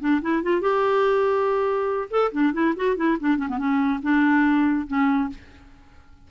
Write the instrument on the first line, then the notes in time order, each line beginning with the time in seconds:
clarinet
0.00 D4
0.22 E4
0.43 F4
0.61 G4
2.10 A4
2.32 D4
2.53 E4
2.76 F#4
2.97 E4
3.20 D4
3.38 C#4
3.49 B3
3.58 C#4
4.03 D4
4.87 C#4